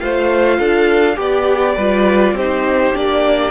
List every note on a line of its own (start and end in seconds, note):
0.00 0.59 A3
0.00 1.16 F4
0.00 0.59 C5
0.00 1.18 F5
0.59 1.18 D4
0.59 1.17 A4
1.16 1.77 B3
1.16 1.75 G4
1.16 1.76 G4
1.16 2.37 D5
1.76 2.33 G3
1.76 2.38 F4
1.76 2.35 B4
2.33 2.92 C4
2.33 2.94 D#4
2.33 3.51 G4
2.33 2.96 C5
2.94 3.51 A#3
2.94 3.51 D4
2.94 3.51 D5